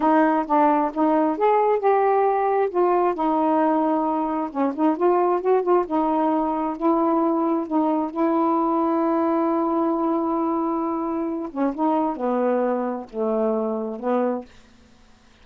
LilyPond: \new Staff \with { instrumentName = "saxophone" } { \time 4/4 \tempo 4 = 133 dis'4 d'4 dis'4 gis'4 | g'2 f'4 dis'4~ | dis'2 cis'8 dis'8 f'4 | fis'8 f'8 dis'2 e'4~ |
e'4 dis'4 e'2~ | e'1~ | e'4. cis'8 dis'4 b4~ | b4 a2 b4 | }